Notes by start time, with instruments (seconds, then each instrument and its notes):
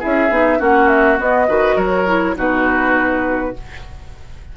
0.00 clarinet E4, oboe G#4, flute E5
0.06 bassoon C#4
0.30 bassoon B3, clarinet D#4
0.59 bassoon A#3, clarinet C#4, oboe F#4, flute F#5
0.89 flute E5
1.18 clarinet B3, bassoon B3, flute D#5
1.48 bassoon D#3, clarinet F#4, oboe B4
1.76 bassoon F#3, oboe A#4, flute C#5
2.07 clarinet E4
2.36 bassoon B2, clarinet D#4, oboe F#4, flute B4